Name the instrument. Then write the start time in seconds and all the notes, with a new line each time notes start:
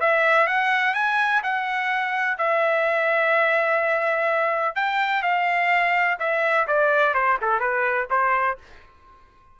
trumpet
0.00 E5
0.47 F#5
0.94 G#5
1.43 F#5
2.38 E5
4.75 G5
5.22 F5
6.19 E5
6.67 D5
7.14 C5
7.41 A4
7.59 B4
8.10 C5